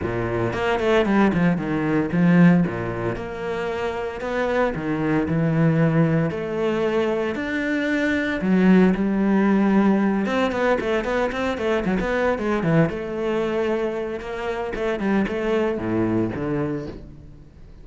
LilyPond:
\new Staff \with { instrumentName = "cello" } { \time 4/4 \tempo 4 = 114 ais,4 ais8 a8 g8 f8 dis4 | f4 ais,4 ais2 | b4 dis4 e2 | a2 d'2 |
fis4 g2~ g8 c'8 | b8 a8 b8 c'8 a8 fis16 b8. gis8 | e8 a2~ a8 ais4 | a8 g8 a4 a,4 d4 | }